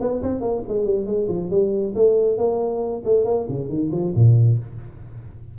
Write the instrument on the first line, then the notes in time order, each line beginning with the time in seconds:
tuba
0.00 B3
0.22 C4
0.40 A#3
0.68 G#3
0.85 G3
1.06 G#3
1.28 F3
1.50 G3
1.95 A3
2.37 A#3
3.05 A3
3.25 A#3
3.48 C#3
3.68 D#3
3.91 F3
4.15 A#2